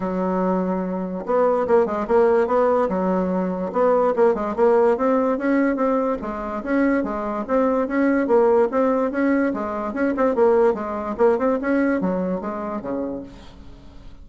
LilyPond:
\new Staff \with { instrumentName = "bassoon" } { \time 4/4 \tempo 4 = 145 fis2. b4 | ais8 gis8 ais4 b4 fis4~ | fis4 b4 ais8 gis8 ais4 | c'4 cis'4 c'4 gis4 |
cis'4 gis4 c'4 cis'4 | ais4 c'4 cis'4 gis4 | cis'8 c'8 ais4 gis4 ais8 c'8 | cis'4 fis4 gis4 cis4 | }